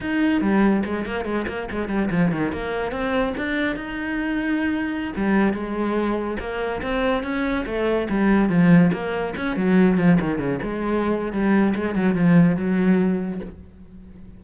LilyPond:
\new Staff \with { instrumentName = "cello" } { \time 4/4 \tempo 4 = 143 dis'4 g4 gis8 ais8 gis8 ais8 | gis8 g8 f8 dis8 ais4 c'4 | d'4 dis'2.~ | dis'16 g4 gis2 ais8.~ |
ais16 c'4 cis'4 a4 g8.~ | g16 f4 ais4 cis'8 fis4 f16~ | f16 dis8 cis8 gis4.~ gis16 g4 | gis8 fis8 f4 fis2 | }